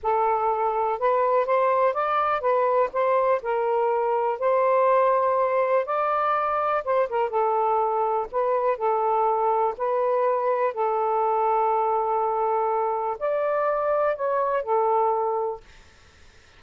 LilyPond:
\new Staff \with { instrumentName = "saxophone" } { \time 4/4 \tempo 4 = 123 a'2 b'4 c''4 | d''4 b'4 c''4 ais'4~ | ais'4 c''2. | d''2 c''8 ais'8 a'4~ |
a'4 b'4 a'2 | b'2 a'2~ | a'2. d''4~ | d''4 cis''4 a'2 | }